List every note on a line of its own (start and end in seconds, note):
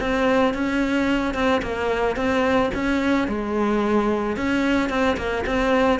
0.00 0.54 C4
0.54 1.34 C#4
1.34 1.61 C4
1.62 2.16 A#3
2.16 2.71 C4
2.74 3.28 C#4
3.28 4.36 G#3
4.36 4.89 C#4
4.89 5.16 C4
5.17 5.44 A#3
5.46 5.99 C4